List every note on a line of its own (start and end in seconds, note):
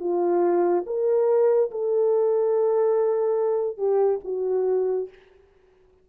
0.00 0.85 F4
0.86 1.71 A#4
1.71 3.78 A4
3.78 4.20 G4
4.24 5.09 F#4